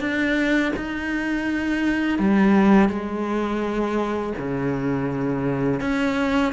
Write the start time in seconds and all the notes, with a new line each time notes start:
0.00 D4
0.77 D#4
2.19 G3
2.89 G#3
4.38 C#3
5.81 C#4